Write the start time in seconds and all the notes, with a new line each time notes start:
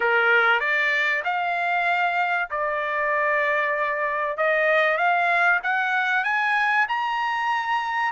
0.00 A#4
0.60 D5
1.24 F5
2.50 D5
4.37 D#5
4.97 F5
5.63 F#5
6.23 G#5
6.88 A#5